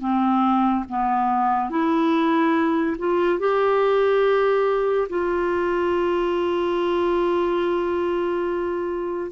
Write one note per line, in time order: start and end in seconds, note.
0.00 0.85 C4
0.88 1.70 B3
1.70 2.97 E4
2.98 3.39 F4
3.39 5.08 G4
5.09 9.31 F4